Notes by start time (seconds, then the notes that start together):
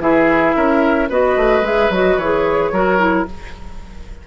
0.00 E3 E4 G#4 E5
0.56 C#4 A#4
1.10 B3 F#4 B4 D#5
1.37 A3
1.61 G#3 G#4 E5
1.90 F#3 F#4 D#5
2.17 E3 G#4 C#5
2.72 F#3 F#4 A#4
2.99 E4